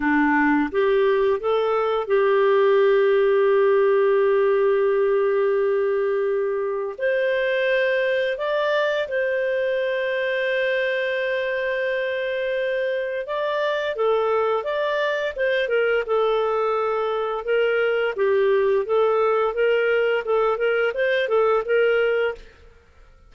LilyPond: \new Staff \with { instrumentName = "clarinet" } { \time 4/4 \tempo 4 = 86 d'4 g'4 a'4 g'4~ | g'1~ | g'2 c''2 | d''4 c''2.~ |
c''2. d''4 | a'4 d''4 c''8 ais'8 a'4~ | a'4 ais'4 g'4 a'4 | ais'4 a'8 ais'8 c''8 a'8 ais'4 | }